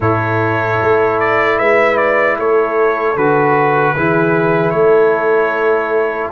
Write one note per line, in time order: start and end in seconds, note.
0.00 0.79 A2
0.00 3.16 E4
0.00 1.55 A4
0.00 1.19 C#5
0.81 1.59 A3
1.19 1.59 D5
1.58 2.38 G#3
1.58 2.37 B4
1.58 1.97 E5
1.97 2.36 D5
2.38 3.16 A3
2.38 3.95 A4
2.38 3.17 C#5
3.16 3.95 D3
3.16 3.95 F#4
3.16 4.70 B4
3.95 4.73 E3
3.95 6.31 E4
3.95 4.73 G#4
4.70 6.31 A3
4.70 6.31 A4
4.70 6.28 C#5